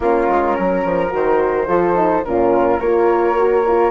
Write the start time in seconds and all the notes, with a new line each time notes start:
0.00 A#3 C#4 F4 A#4
0.28 G#3
0.55 F#3 A#4
0.85 F3
1.09 D#3 F#4 C5
1.67 F3 F4 A4
1.95 D#4
2.24 A#2 C#4 F4 A#4
2.80 A#3 F4 A#4 C#5
3.36 F#4
3.67 F4